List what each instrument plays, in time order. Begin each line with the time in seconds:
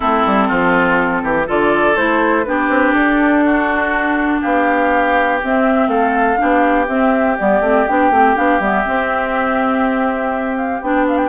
0.00 bassoon A3, clarinet C4, oboe E4, flute A4
0.25 bassoon G3
0.48 bassoon F3, oboe F4
1.23 bassoon E3, oboe G4
1.46 bassoon D3, clarinet F4, oboe A4, flute D5
1.95 bassoon A3, clarinet E4, flute C5
2.44 bassoon B3, clarinet D4, oboe G4, flute B4
2.69 bassoon C4
2.92 bassoon D4, flute A4
3.44 oboe F#4
4.41 bassoon B3, oboe G4, flute F5
5.41 clarinet C4, bassoon C4, flute E5
5.87 bassoon A3, oboe A4, flute F5
6.36 bassoon B3, clarinet D4, oboe G4
6.87 clarinet C4, bassoon C4, flute E5
7.37 bassoon G3, clarinet B3, flute D5
7.60 bassoon A3, clarinet C4
7.87 bassoon B3, clarinet D4, flute G5
8.10 bassoon A3, clarinet C4
8.35 bassoon B3, clarinet D4, flute F5
8.59 bassoon G3, clarinet B3, flute E5
8.85 clarinet C4, bassoon C4
10.56 flute F5
10.81 bassoon B3, clarinet D4, flute G5
11.08 flute F5
11.17 flute G5